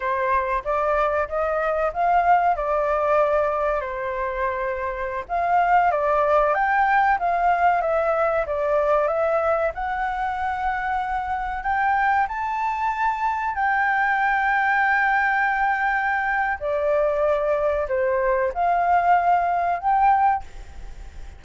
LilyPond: \new Staff \with { instrumentName = "flute" } { \time 4/4 \tempo 4 = 94 c''4 d''4 dis''4 f''4 | d''2 c''2~ | c''16 f''4 d''4 g''4 f''8.~ | f''16 e''4 d''4 e''4 fis''8.~ |
fis''2~ fis''16 g''4 a''8.~ | a''4~ a''16 g''2~ g''8.~ | g''2 d''2 | c''4 f''2 g''4 | }